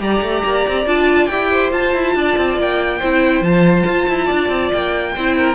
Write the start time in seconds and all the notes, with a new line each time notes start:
0.00 G3 G4 D5 A#5
0.22 A3
0.44 A#3
0.68 C4
0.86 D4 F4 A5
1.26 E4 G4 G5
1.51 C5
1.71 F4 A5
1.94 E4
2.15 D4 D5
2.37 C4
2.58 A#3 G5
2.98 C4 E4 C5
3.41 F3 F4 A5
3.86 F4
4.08 E4
4.25 D5
4.31 D4
4.49 C4
4.72 A#3 G5
5.15 C4 E4 C5
5.37 A#4